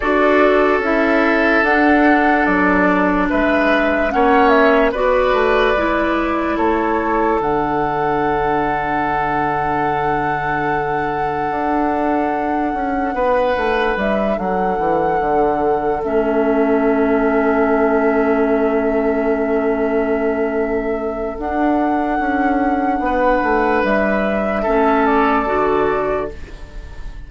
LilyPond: <<
  \new Staff \with { instrumentName = "flute" } { \time 4/4 \tempo 4 = 73 d''4 e''4 fis''4 d''4 | e''4 fis''8 e''8 d''2 | cis''4 fis''2.~ | fis''1~ |
fis''4 e''8 fis''2 e''8~ | e''1~ | e''2 fis''2~ | fis''4 e''4. d''4. | }
  \new Staff \with { instrumentName = "oboe" } { \time 4/4 a'1 | b'4 cis''4 b'2 | a'1~ | a'1 |
b'4. a'2~ a'8~ | a'1~ | a'1 | b'2 a'2 | }
  \new Staff \with { instrumentName = "clarinet" } { \time 4/4 fis'4 e'4 d'2~ | d'4 cis'4 fis'4 e'4~ | e'4 d'2.~ | d'1~ |
d'2.~ d'8 cis'8~ | cis'1~ | cis'2 d'2~ | d'2 cis'4 fis'4 | }
  \new Staff \with { instrumentName = "bassoon" } { \time 4/4 d'4 cis'4 d'4 fis4 | gis4 ais4 b8 a8 gis4 | a4 d2.~ | d2 d'4. cis'8 |
b8 a8 g8 fis8 e8 d4 a8~ | a1~ | a2 d'4 cis'4 | b8 a8 g4 a4 d4 | }
>>